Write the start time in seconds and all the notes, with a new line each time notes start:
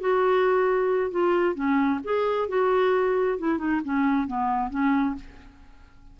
0.00 F#4
1.11 F4
1.55 C#4
2.04 G#4
2.49 F#4
3.39 E4
3.58 D#4
3.84 C#4
4.27 B3
4.70 C#4